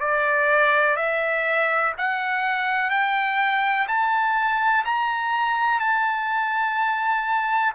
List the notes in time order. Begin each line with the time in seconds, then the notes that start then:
0.00 D5
0.96 E5
1.98 F#5
2.90 G5
3.88 A5
4.85 A#5
5.79 A5